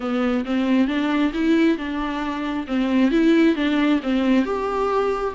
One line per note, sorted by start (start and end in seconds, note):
0.00 0.44 B3
0.45 0.87 C4
0.87 1.32 D4
1.33 1.77 E4
1.77 2.66 D4
2.67 3.11 C4
3.11 3.55 E4
3.55 4.00 D4
4.02 4.45 C4
4.45 5.34 G4